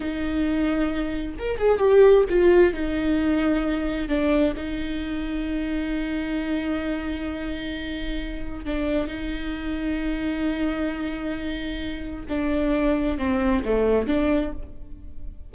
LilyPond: \new Staff \with { instrumentName = "viola" } { \time 4/4 \tempo 4 = 132 dis'2. ais'8 gis'8 | g'4 f'4 dis'2~ | dis'4 d'4 dis'2~ | dis'1~ |
dis'2. d'4 | dis'1~ | dis'2. d'4~ | d'4 c'4 a4 d'4 | }